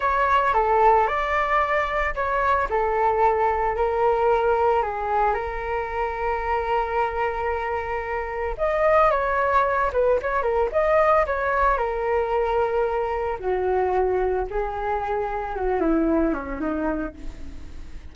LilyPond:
\new Staff \with { instrumentName = "flute" } { \time 4/4 \tempo 4 = 112 cis''4 a'4 d''2 | cis''4 a'2 ais'4~ | ais'4 gis'4 ais'2~ | ais'1 |
dis''4 cis''4. b'8 cis''8 ais'8 | dis''4 cis''4 ais'2~ | ais'4 fis'2 gis'4~ | gis'4 fis'8 e'4 cis'8 dis'4 | }